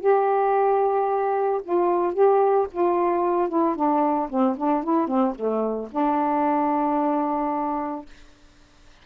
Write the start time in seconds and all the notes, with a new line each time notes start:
0.00 G4
1.63 F4
2.13 G4
2.71 F4
3.48 E4
3.75 D4
4.29 C4
4.57 D4
4.83 E4
5.07 C4
5.35 A3
5.91 D4